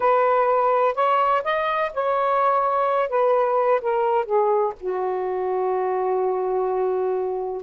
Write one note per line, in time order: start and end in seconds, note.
0.00 0.94 B4
0.94 1.42 C#5
1.44 1.91 D#5
1.93 3.09 C#5
3.09 3.80 B4
3.81 4.25 A#4
4.25 4.73 G#4
4.79 7.62 F#4